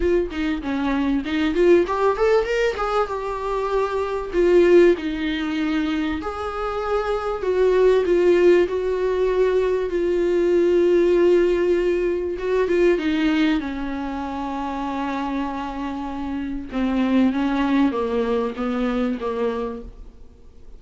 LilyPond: \new Staff \with { instrumentName = "viola" } { \time 4/4 \tempo 4 = 97 f'8 dis'8 cis'4 dis'8 f'8 g'8 a'8 | ais'8 gis'8 g'2 f'4 | dis'2 gis'2 | fis'4 f'4 fis'2 |
f'1 | fis'8 f'8 dis'4 cis'2~ | cis'2. c'4 | cis'4 ais4 b4 ais4 | }